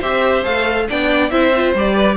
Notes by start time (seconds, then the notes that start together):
0.00 C4 G4 C5 E5
0.44 A3 A4 F5
0.88 B3 D4 D5 G5
1.30 C4 E4 C5 E5
1.56 F4
1.75 G3 G4 D5
1.95 B4